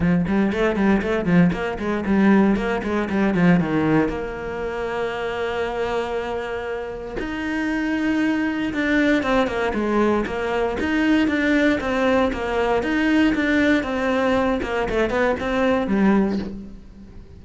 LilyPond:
\new Staff \with { instrumentName = "cello" } { \time 4/4 \tempo 4 = 117 f8 g8 a8 g8 a8 f8 ais8 gis8 | g4 ais8 gis8 g8 f8 dis4 | ais1~ | ais2 dis'2~ |
dis'4 d'4 c'8 ais8 gis4 | ais4 dis'4 d'4 c'4 | ais4 dis'4 d'4 c'4~ | c'8 ais8 a8 b8 c'4 g4 | }